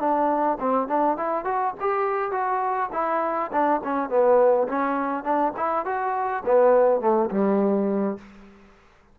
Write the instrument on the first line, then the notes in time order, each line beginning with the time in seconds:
trombone
0.00 D4
0.60 C4
0.88 D4
1.18 E4
1.45 F#4
1.81 G4
2.32 F#4
2.93 E4
3.52 D4
3.84 C#4
4.10 B3
4.69 C#4
5.24 D4
5.57 E4
5.86 F#4
6.46 B3
7.01 A3
7.31 G3